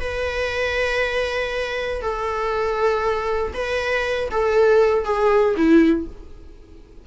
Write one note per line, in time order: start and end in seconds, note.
0.00 2.01 B4
2.01 3.52 A4
3.54 4.29 B4
4.30 5.04 A4
5.04 5.55 G#4
5.56 6.07 E4